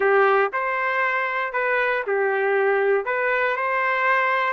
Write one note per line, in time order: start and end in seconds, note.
0.00 0.51 G4
0.52 1.52 C5
1.52 2.03 B4
2.06 3.05 G4
3.05 3.56 B4
3.56 4.53 C5